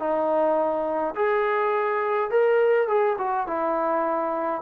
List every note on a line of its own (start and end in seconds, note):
0.00 1.15 D#4
1.16 2.31 G#4
2.31 2.88 A#4
2.88 3.17 G#4
3.19 3.47 F#4
3.47 4.62 E4